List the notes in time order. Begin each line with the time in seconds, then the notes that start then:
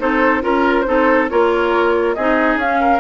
0.00 C4 D#4 A4 C5
0.42 C#4 F4 A#4
0.81 D#4 C5
0.88 C4 A4
1.30 A#3 F4 A#4 C#5
2.15 C4 D#4 G#4 D#5
2.56 C#4 F5
2.62 C#4
2.81 A#4